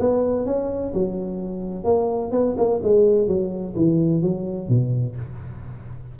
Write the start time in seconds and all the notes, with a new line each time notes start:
0.00 B3
0.46 C#4
0.94 F#3
1.84 A#3
2.32 B3
2.57 A#3
2.83 G#3
3.28 F#3
3.76 E3
4.22 F#3
4.69 B2